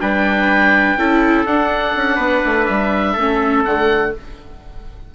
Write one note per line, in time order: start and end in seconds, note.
0.00 0.96 G3
0.00 0.98 D4
0.00 0.98 B4
0.00 1.46 G5
0.96 1.45 C#4
0.96 1.47 E4
0.96 2.15 A4
1.45 1.94 D4
1.45 3.18 D4
1.45 2.65 F#5
1.96 2.17 C#4
2.15 2.42 B3
2.15 3.13 B4
2.45 2.69 A3
2.65 3.17 G3
2.65 3.63 E5
3.14 3.65 A3
3.14 3.66 C#4
3.14 4.11 A4
3.65 4.14 D3
3.65 4.15 A3
3.65 4.13 F#5